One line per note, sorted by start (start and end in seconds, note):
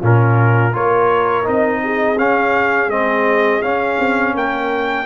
0.00 0.74 A#2
0.00 0.72 C#4
0.00 0.72 F4
0.00 0.75 A#4
0.72 1.46 A#3
0.72 1.43 F4
0.72 1.81 A#4
0.72 1.47 C#5
1.43 2.18 C4
1.43 2.16 D#4
1.43 2.18 D#5
1.83 4.35 G#4
2.18 2.90 C#4
2.18 2.87 C#4
2.18 2.90 F5
2.87 3.59 G#3
2.87 3.62 C4
2.87 3.62 D#5
3.62 5.05 C#4
3.62 3.98 C#4
3.62 4.34 F5
3.99 4.34 C4
4.34 5.05 A#3
4.34 5.05 A#4
4.34 5.05 G5